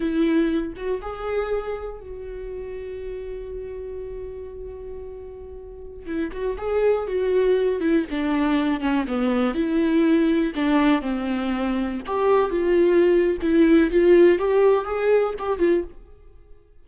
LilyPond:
\new Staff \with { instrumentName = "viola" } { \time 4/4 \tempo 4 = 121 e'4. fis'8 gis'2 | fis'1~ | fis'1~ | fis'16 e'8 fis'8 gis'4 fis'4. e'16~ |
e'16 d'4. cis'8 b4 e'8.~ | e'4~ e'16 d'4 c'4.~ c'16~ | c'16 g'4 f'4.~ f'16 e'4 | f'4 g'4 gis'4 g'8 f'8 | }